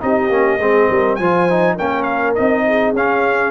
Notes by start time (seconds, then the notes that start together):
0.00 C4 D#4 G4 D#5
0.29 A#3 C#4
0.58 G#3 C4 G#4
0.89 G3 A#4
1.15 F3 F4 C5 G#5
1.49 D#4
1.75 A#3 C#4 A#4 G5
2.02 F5
2.35 C4 D#4 D#5
2.67 G#4
2.93 C#4 F5